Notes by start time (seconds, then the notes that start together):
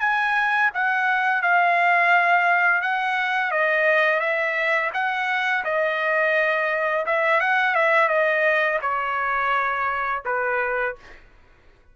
0.00 G#5
0.74 F#5
1.42 F5
2.81 F#5
3.51 D#5
4.20 E5
4.93 F#5
5.64 D#5
7.06 E5
7.40 F#5
7.75 E5
8.09 D#5
8.81 C#5
10.25 B4